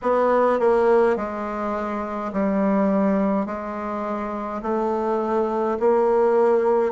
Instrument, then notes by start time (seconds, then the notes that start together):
bassoon
0.02 B3
0.59 A#3
1.16 G#3
2.32 G3
3.46 G#3
4.62 A3
5.79 A#3